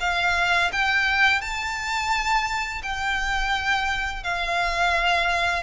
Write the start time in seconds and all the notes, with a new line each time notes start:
0.00 F5
0.72 G5
1.41 A5
2.82 G5
4.23 F5